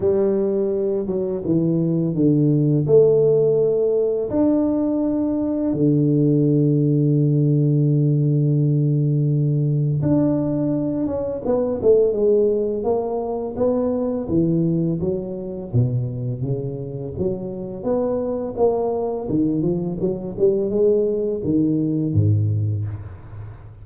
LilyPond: \new Staff \with { instrumentName = "tuba" } { \time 4/4 \tempo 4 = 84 g4. fis8 e4 d4 | a2 d'2 | d1~ | d2 d'4. cis'8 |
b8 a8 gis4 ais4 b4 | e4 fis4 b,4 cis4 | fis4 b4 ais4 dis8 f8 | fis8 g8 gis4 dis4 gis,4 | }